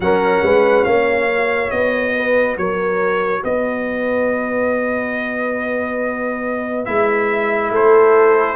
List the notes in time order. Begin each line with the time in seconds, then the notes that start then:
0.00 F#3 C#4 A#4 F#5
0.42 G#3 B4
0.84 A#3 C#5 F5
1.30 F#4
1.70 B3 D#5
2.16 B4
2.57 F#3 A#4 C#5
3.43 B3 B4 D#5
6.85 G#3 E4 E5
7.70 A3 A4 C5